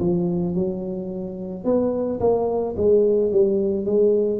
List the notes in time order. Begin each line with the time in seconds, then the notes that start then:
0.00 F3
0.55 F#3
1.65 B3
2.20 A#3
2.77 G#3
3.32 G3
3.86 G#3